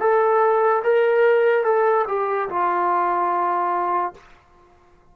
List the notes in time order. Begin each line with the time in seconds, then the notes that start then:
0.00 A4
0.84 A#4
1.64 A4
2.08 G4
2.49 F4